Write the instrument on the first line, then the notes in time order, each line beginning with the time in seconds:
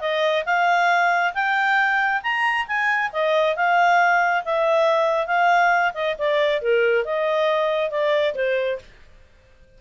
clarinet
0.00 D#5
0.45 F5
1.34 G5
2.22 A#5
2.67 G#5
3.12 D#5
3.56 F5
4.45 E5
5.26 F5
5.94 D#5
6.18 D5
6.61 A#4
7.05 D#5
7.90 D5
8.35 C5